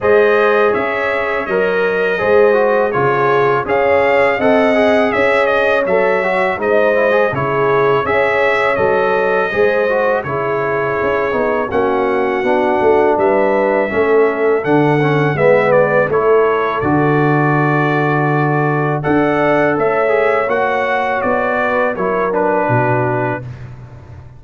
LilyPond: <<
  \new Staff \with { instrumentName = "trumpet" } { \time 4/4 \tempo 4 = 82 dis''4 e''4 dis''2 | cis''4 f''4 fis''4 e''8 dis''8 | e''4 dis''4 cis''4 e''4 | dis''2 cis''2 |
fis''2 e''2 | fis''4 e''8 d''8 cis''4 d''4~ | d''2 fis''4 e''4 | fis''4 d''4 cis''8 b'4. | }
  \new Staff \with { instrumentName = "horn" } { \time 4/4 c''4 cis''2 c''4 | gis'4 cis''4 dis''4 cis''4~ | cis''4 c''4 gis'4 cis''4~ | cis''4 c''4 gis'2 |
fis'2 b'4 a'4~ | a'4 b'4 a'2~ | a'2 d''4 cis''4~ | cis''4. b'8 ais'4 fis'4 | }
  \new Staff \with { instrumentName = "trombone" } { \time 4/4 gis'2 ais'4 gis'8 fis'8 | f'4 gis'4 a'8 gis'4. | a'8 fis'8 dis'8 e'16 gis'16 e'4 gis'4 | a'4 gis'8 fis'8 e'4. dis'8 |
cis'4 d'2 cis'4 | d'8 cis'8 b4 e'4 fis'4~ | fis'2 a'4. gis'8 | fis'2 e'8 d'4. | }
  \new Staff \with { instrumentName = "tuba" } { \time 4/4 gis4 cis'4 fis4 gis4 | cis4 cis'4 c'4 cis'4 | fis4 gis4 cis4 cis'4 | fis4 gis4 cis4 cis'8 b8 |
ais4 b8 a8 g4 a4 | d4 gis4 a4 d4~ | d2 d'4 a4 | ais4 b4 fis4 b,4 | }
>>